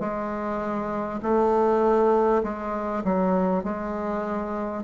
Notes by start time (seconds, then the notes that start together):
0.00 G#3
1.23 A3
2.44 G#3
3.04 F#3
3.64 G#3